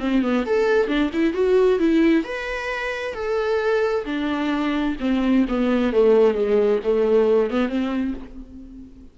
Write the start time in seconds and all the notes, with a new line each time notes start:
0.00 C4
0.22 B3
0.46 A4
0.88 D4
1.13 E4
1.34 F#4
1.79 E4
2.24 B4
3.14 A4
4.05 D4
5.00 C4
5.49 B3
5.93 A3
6.34 G#3
6.84 A3
7.51 B3
7.69 C4